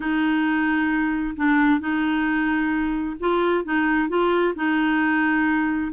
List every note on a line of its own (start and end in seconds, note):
0.00 1.35 D#4
1.36 1.80 D4
1.80 3.16 D#4
3.19 3.64 F4
3.64 4.08 D#4
4.08 4.54 F4
4.55 5.92 D#4